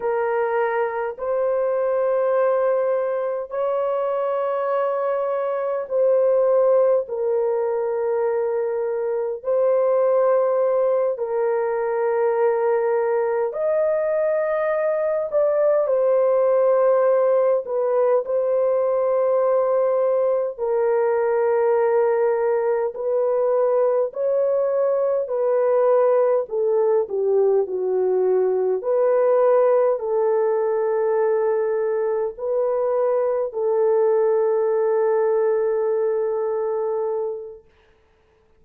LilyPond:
\new Staff \with { instrumentName = "horn" } { \time 4/4 \tempo 4 = 51 ais'4 c''2 cis''4~ | cis''4 c''4 ais'2 | c''4. ais'2 dis''8~ | dis''4 d''8 c''4. b'8 c''8~ |
c''4. ais'2 b'8~ | b'8 cis''4 b'4 a'8 g'8 fis'8~ | fis'8 b'4 a'2 b'8~ | b'8 a'2.~ a'8 | }